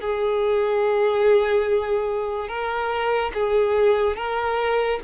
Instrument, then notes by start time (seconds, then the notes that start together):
violin
0.00 G#4
2.48 A#4
3.33 G#4
4.16 A#4